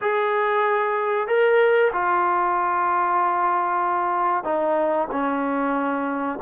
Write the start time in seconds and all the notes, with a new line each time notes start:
0.01 G#4
1.27 A#4
1.92 F4
4.44 D#4
5.11 C#4